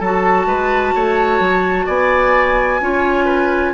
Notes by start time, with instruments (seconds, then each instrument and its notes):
0.00 bassoon F#3, clarinet F#4, oboe A4, flute A5
0.46 bassoon G#3, oboe B4
0.95 bassoon A3, oboe C#5
1.40 bassoon F#3
1.87 bassoon B3, oboe D5, flute G#5
2.81 bassoon C#4, clarinet F4, oboe C#5
3.25 oboe B4